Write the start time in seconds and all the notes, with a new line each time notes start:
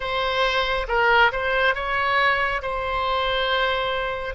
0.00 C5
0.88 A#4
1.32 C5
1.74 C#5
2.62 C5